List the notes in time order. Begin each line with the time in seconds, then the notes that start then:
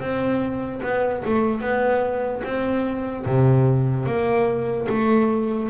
0.00 C4
0.83 B3
1.25 A3
1.61 B3
2.44 C4
3.25 C3
4.06 A#3
4.89 A3